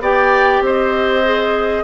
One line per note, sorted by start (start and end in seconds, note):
0.00 0.61 B3
0.00 1.24 G4
0.00 0.63 D5
0.00 0.64 G5
0.61 1.83 C4
0.61 1.84 C5
0.61 1.84 D#5
1.24 1.84 G#4